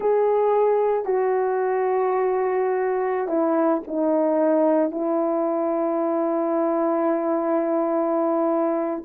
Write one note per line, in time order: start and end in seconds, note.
0.00 1.05 G#4
1.05 3.28 F#4
3.28 3.81 E4
3.87 4.91 D#4
4.91 9.02 E4